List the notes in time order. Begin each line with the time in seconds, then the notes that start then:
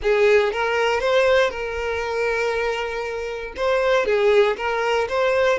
0.02 G#4
0.52 A#4
1.00 C5
1.50 A#4
3.56 C5
4.05 G#4
4.56 A#4
5.08 C5